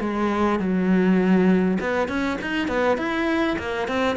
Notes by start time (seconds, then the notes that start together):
0.00 G#3
0.59 F#3
1.80 B3
2.08 C#4
2.41 D#4
2.67 B3
2.97 E4
3.58 A#3
3.87 C4